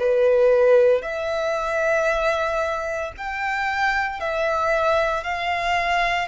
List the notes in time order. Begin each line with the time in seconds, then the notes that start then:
0.00 B4
1.02 E5
3.17 G5
4.20 E5
5.24 F5